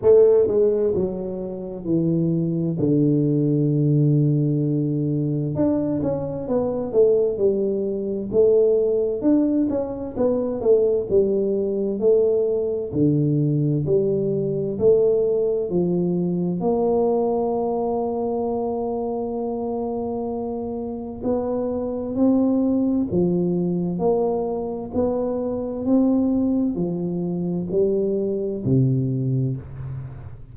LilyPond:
\new Staff \with { instrumentName = "tuba" } { \time 4/4 \tempo 4 = 65 a8 gis8 fis4 e4 d4~ | d2 d'8 cis'8 b8 a8 | g4 a4 d'8 cis'8 b8 a8 | g4 a4 d4 g4 |
a4 f4 ais2~ | ais2. b4 | c'4 f4 ais4 b4 | c'4 f4 g4 c4 | }